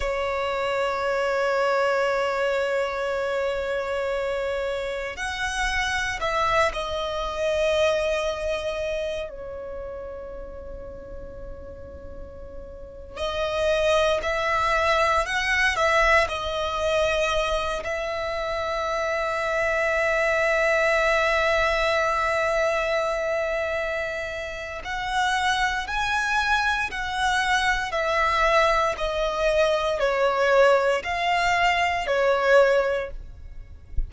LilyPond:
\new Staff \with { instrumentName = "violin" } { \time 4/4 \tempo 4 = 58 cis''1~ | cis''4 fis''4 e''8 dis''4.~ | dis''4 cis''2.~ | cis''8. dis''4 e''4 fis''8 e''8 dis''16~ |
dis''4~ dis''16 e''2~ e''8.~ | e''1 | fis''4 gis''4 fis''4 e''4 | dis''4 cis''4 f''4 cis''4 | }